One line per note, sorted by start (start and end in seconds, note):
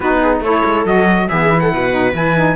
0.00 0.40 B3
0.00 0.44 D#4
0.00 0.20 F#4
0.00 0.39 B4
0.21 0.42 G#4
0.40 0.61 A3
0.40 0.85 E4
0.40 1.29 A4
0.40 0.86 C#5
0.65 0.85 G#3
0.85 1.28 F#3
0.85 1.28 F#4
0.85 1.28 D#5
1.28 1.72 E3
1.28 1.47 B3
1.28 1.61 G#4
1.28 1.60 E5
1.47 1.90 E4
1.60 1.72 A4
1.60 2.13 F#5
1.72 2.12 B2
1.72 2.56 B4
1.91 2.12 D#4
2.12 2.55 E3
2.12 2.35 E4
2.12 2.56 G#5
2.35 2.56 D#4